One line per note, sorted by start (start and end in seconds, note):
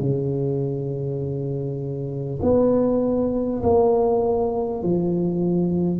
0.00 2.40 C#3
2.42 3.62 B3
3.63 4.83 A#3
4.83 6.00 F3